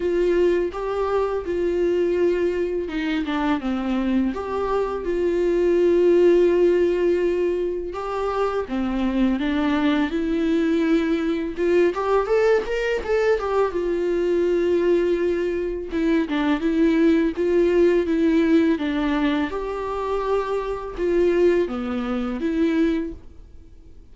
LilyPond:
\new Staff \with { instrumentName = "viola" } { \time 4/4 \tempo 4 = 83 f'4 g'4 f'2 | dis'8 d'8 c'4 g'4 f'4~ | f'2. g'4 | c'4 d'4 e'2 |
f'8 g'8 a'8 ais'8 a'8 g'8 f'4~ | f'2 e'8 d'8 e'4 | f'4 e'4 d'4 g'4~ | g'4 f'4 b4 e'4 | }